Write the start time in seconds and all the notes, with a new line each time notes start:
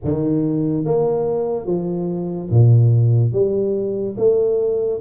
0.03 D#3
0.84 A#3
1.66 F3
2.50 A#2
3.32 G3
4.17 A3